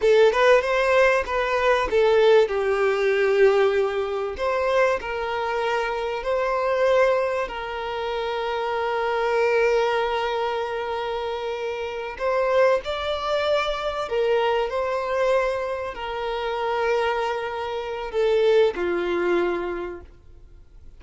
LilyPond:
\new Staff \with { instrumentName = "violin" } { \time 4/4 \tempo 4 = 96 a'8 b'8 c''4 b'4 a'4 | g'2. c''4 | ais'2 c''2 | ais'1~ |
ais'2.~ ais'8 c''8~ | c''8 d''2 ais'4 c''8~ | c''4. ais'2~ ais'8~ | ais'4 a'4 f'2 | }